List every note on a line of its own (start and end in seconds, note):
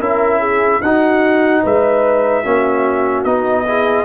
0.00 0.81 C#4
0.00 0.82 E4
0.00 0.40 A#4
0.00 0.82 E5
0.40 0.81 G#4
0.82 1.64 D#4
0.82 2.45 D#4
0.82 1.63 F#4
0.82 1.63 F#5
1.63 2.45 G#3
1.63 2.43 B4
1.63 3.24 E5
2.43 3.25 A#3
2.43 3.26 C#4
2.43 3.65 F#4
3.24 4.05 B3
3.24 3.66 D#4
3.24 4.05 D#5
3.67 4.05 E4
3.67 4.05 G#4